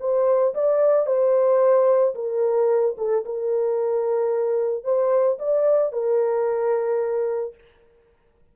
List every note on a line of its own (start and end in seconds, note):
0.00 0.54 C5
0.54 1.06 D5
1.06 2.14 C5
2.14 2.96 A#4
2.98 3.25 A4
3.25 4.84 A#4
4.84 5.38 C5
5.39 5.92 D5
5.92 7.55 A#4